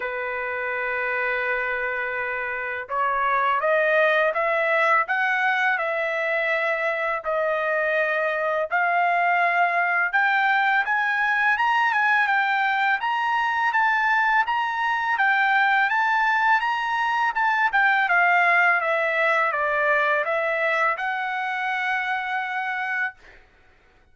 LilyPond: \new Staff \with { instrumentName = "trumpet" } { \time 4/4 \tempo 4 = 83 b'1 | cis''4 dis''4 e''4 fis''4 | e''2 dis''2 | f''2 g''4 gis''4 |
ais''8 gis''8 g''4 ais''4 a''4 | ais''4 g''4 a''4 ais''4 | a''8 g''8 f''4 e''4 d''4 | e''4 fis''2. | }